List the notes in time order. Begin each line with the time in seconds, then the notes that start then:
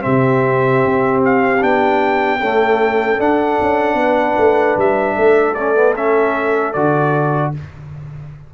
0.00 C3 C4 G4 E5
0.85 C4
1.25 F5
1.61 B3 D4 G5
2.40 A3 C#4 A4
3.18 D4 F#5
3.61 C#4
3.94 B3 B4
4.37 A3
4.77 G3 E5
5.16 A3 A4
5.54 C#4 D5
5.75 B3
5.96 C#4 E5
6.73 D3 F#4 D5